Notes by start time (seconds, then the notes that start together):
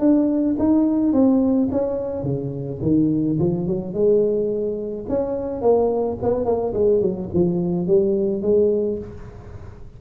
0.00 D4
0.59 D#4
1.13 C4
1.72 C#4
2.23 C#3
2.82 D#3
3.40 F3
3.68 F#3
3.94 G#3
5.09 C#4
5.62 A#3
6.22 B3
6.45 A#3
6.74 G#3
7.01 F#3
7.34 F3
7.87 G3
8.42 G#3